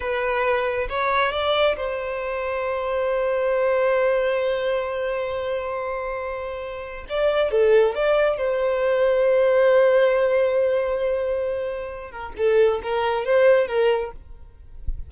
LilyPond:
\new Staff \with { instrumentName = "violin" } { \time 4/4 \tempo 4 = 136 b'2 cis''4 d''4 | c''1~ | c''1~ | c''1 |
d''4 a'4 d''4 c''4~ | c''1~ | c''2.~ c''8 ais'8 | a'4 ais'4 c''4 ais'4 | }